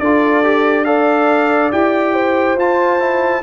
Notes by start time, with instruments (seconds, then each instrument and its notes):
0.00 tuba D4, trombone F4, horn A4, trumpet D5
0.44 trombone G4
0.85 trombone A4, horn D5, trumpet F5
1.72 tuba E4, trombone G4, trumpet G5
2.14 horn C5
2.56 tuba F4, trombone F4, trumpet A5
2.99 trombone E4